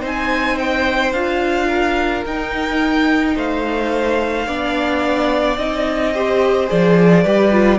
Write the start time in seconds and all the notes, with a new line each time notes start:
0.00 C4 D#4 C5 G#5
0.58 G5
1.12 D4 F4 F5
1.68 A#4
2.25 D#4 G5
3.35 A3 C5 F5
4.46 B3 D4 D5
5.57 C4 D#4 D#5
6.13 G4 C5
6.67 F3 G#4 D5
7.22 G3 G4 B4
7.51 F4